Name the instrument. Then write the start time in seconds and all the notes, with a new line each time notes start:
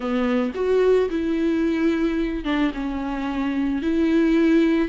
viola
0.00 B3
0.54 F#4
1.10 E4
2.44 D4
2.74 C#4
3.82 E4